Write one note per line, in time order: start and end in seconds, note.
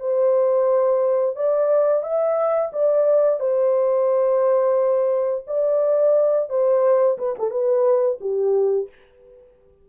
0.00 1.36 C5
1.36 2.03 D5
2.03 2.71 E5
2.73 3.40 D5
3.40 5.45 C5
5.48 6.50 D5
6.50 7.18 C5
7.19 7.36 B4
7.39 7.51 A4
7.51 8.19 B4
8.21 8.89 G4